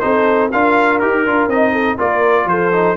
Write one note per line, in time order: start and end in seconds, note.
0.00 0.53 C4
0.00 0.50 D#4
0.00 0.52 A4
0.00 0.49 C5
0.52 1.02 D4
0.52 1.01 F4
0.52 1.72 A#4
0.52 0.99 F5
0.99 1.26 D#4
0.99 1.26 G4
0.99 1.48 A#4
1.26 1.47 D4
1.26 1.50 F4
1.47 1.96 C4
1.47 1.98 D#4
1.47 1.99 D#5
1.72 1.97 A4
1.98 2.46 A#3
1.98 2.72 F4
1.98 2.47 A#4
1.98 2.48 D5
2.46 2.95 F3
2.46 2.97 A4
2.46 2.97 C5
2.72 2.97 D#4